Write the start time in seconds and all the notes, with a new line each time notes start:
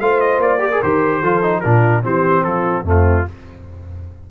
0.00 A3 F4 C5 F5
0.20 D#5
0.38 A#3 D5
0.59 G4 A#4
0.72 G#4
0.82 D#3 G4 C5
1.20 F3 F4 A4
1.43 D#4
1.60 A#2 D4 F4 A#4
2.03 E3 C4 G4 C5
2.44 F3 F4 A4
2.83 F2 A3 C4
2.90 F4